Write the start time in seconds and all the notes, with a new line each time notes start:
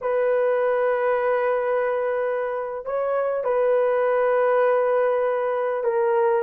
0.01 B4
2.85 C#5
3.44 B4
5.83 A#4